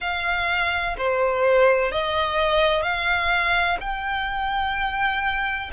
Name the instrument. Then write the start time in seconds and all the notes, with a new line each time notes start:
violin
0.00 F5
0.97 C5
1.91 D#5
2.82 F5
3.80 G5